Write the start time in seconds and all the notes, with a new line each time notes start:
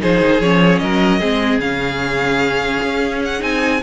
0.00 F3 D#4 G#4 C5
0.20 D#3
0.40 F3 C#4 C#5
0.79 F#3 A#4 D#5
1.19 G#3 C4 G#4
1.58 C#3 C#4 F5
2.83 C#4
3.24 F#5
3.40 C4 D#4 G#5